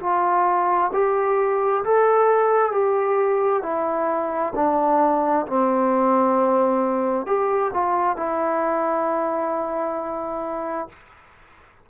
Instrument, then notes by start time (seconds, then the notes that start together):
trombone
0.00 F4
0.93 G4
1.84 A4
2.72 G4
3.63 E4
4.55 D4
5.47 C4
7.26 G4
7.74 F4
8.17 E4